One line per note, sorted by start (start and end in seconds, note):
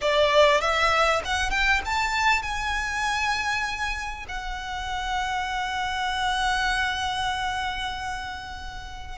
0.01 0.60 D5
0.60 1.22 E5
1.24 1.50 F#5
1.50 1.81 G5
1.85 2.42 A5
2.42 4.26 G#5
4.28 9.18 F#5